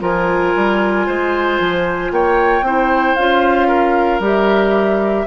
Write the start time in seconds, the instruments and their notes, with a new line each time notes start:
0.00 bassoon F3, clarinet F4, oboe A#4, flute G#5
0.55 bassoon G3
1.07 bassoon G#3, oboe C5
1.60 bassoon F3
2.11 bassoon A#3, oboe C#5, flute G5
2.62 bassoon C4, clarinet E4, oboe C5
3.15 bassoon C#4, clarinet F4, flute F5
3.68 oboe A#4
4.20 bassoon G3, clarinet G4, flute E5